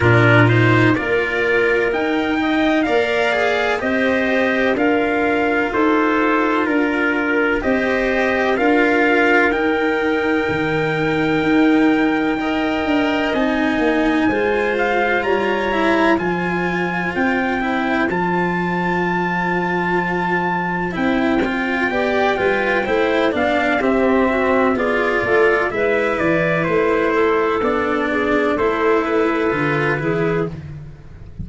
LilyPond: <<
  \new Staff \with { instrumentName = "trumpet" } { \time 4/4 \tempo 4 = 63 ais'8 c''8 d''4 g''4 f''4 | dis''4 f''4 c''4 ais'4 | dis''4 f''4 g''2~ | g''2 gis''4. f''8 |
ais''4 gis''4 g''4 a''4~ | a''2 g''2~ | g''8 f''8 e''4 d''4 e''8 d''8 | c''4 d''4 c''8 b'4. | }
  \new Staff \with { instrumentName = "clarinet" } { \time 4/4 f'4 ais'4. dis''8 d''4 | c''4 ais'4 a'4 ais'4 | c''4 ais'2.~ | ais'4 dis''2 c''4 |
cis''4 c''2.~ | c''2. d''8 b'8 | c''8 d''8 g'8 fis'8 gis'8 a'8 b'4~ | b'8 a'4 gis'8 a'4. gis'8 | }
  \new Staff \with { instrumentName = "cello" } { \time 4/4 d'8 dis'8 f'4 dis'4 ais'8 gis'8 | g'4 f'2. | g'4 f'4 dis'2~ | dis'4 ais'4 dis'4 f'4~ |
f'8 e'8 f'4. e'8 f'4~ | f'2 e'8 f'8 g'8 f'8 | e'8 d'8 c'4 f'4 e'4~ | e'4 d'4 e'4 f'8 e'8 | }
  \new Staff \with { instrumentName = "tuba" } { \time 4/4 ais,4 ais4 dis'4 ais4 | c'4 d'4 dis'4 d'4 | c'4 d'4 dis'4 dis4 | dis'4. d'8 c'8 ais8 gis4 |
g4 f4 c'4 f4~ | f2 c'4 b8 g8 | a8 b8 c'4 b8 a8 gis8 e8 | a4 b4 a4 d8 e8 | }
>>